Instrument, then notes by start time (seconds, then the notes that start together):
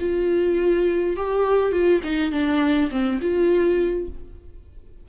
viola
0.00 F4
1.17 G4
1.72 F4
2.04 D#4
2.32 D4
2.91 C4
3.21 F4